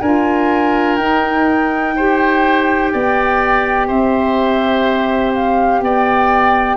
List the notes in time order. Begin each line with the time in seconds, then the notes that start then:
0.00 D4 F4 A#4 G#5
0.96 D#4 G5
1.96 G4 C5
2.92 B3 D5
3.87 C4 C5 E5
5.34 F5
5.81 B3 D5 G5